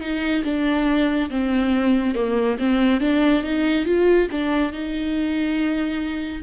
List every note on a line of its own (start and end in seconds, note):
0.00 0.43 D#4
0.44 1.29 D4
1.30 2.14 C4
2.14 2.57 A#3
2.59 3.00 C4
3.00 3.43 D4
3.43 3.85 D#4
3.85 4.28 F4
4.31 4.72 D4
4.72 6.42 D#4